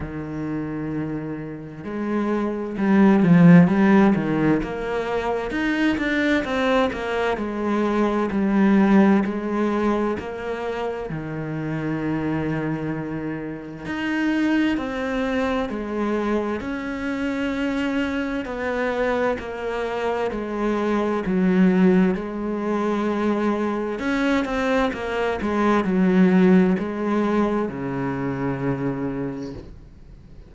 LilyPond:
\new Staff \with { instrumentName = "cello" } { \time 4/4 \tempo 4 = 65 dis2 gis4 g8 f8 | g8 dis8 ais4 dis'8 d'8 c'8 ais8 | gis4 g4 gis4 ais4 | dis2. dis'4 |
c'4 gis4 cis'2 | b4 ais4 gis4 fis4 | gis2 cis'8 c'8 ais8 gis8 | fis4 gis4 cis2 | }